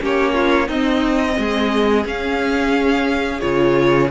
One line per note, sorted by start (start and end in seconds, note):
0.00 0.68 A#3
0.00 0.68 C#4
0.00 0.34 G4
0.00 0.68 C#5
0.34 0.67 F4
0.67 1.36 C4
0.67 2.04 C4
0.67 1.35 D#4
0.67 2.04 D#5
1.37 2.05 G#3
1.37 4.10 G#4
2.04 3.40 C#4
2.04 3.41 C#4
2.04 3.40 F5
3.40 4.10 C#3
3.40 4.09 F4
3.40 4.08 C#5